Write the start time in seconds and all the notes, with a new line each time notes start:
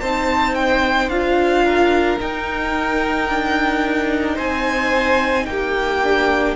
0.00 C4 D#4 C5 A5
0.55 G5
1.08 D4 F4 F5
1.65 A#4
2.19 D#4 G5
3.28 D4
4.35 C4 C5 G#5
5.46 A#3 G4 G5
6.03 D4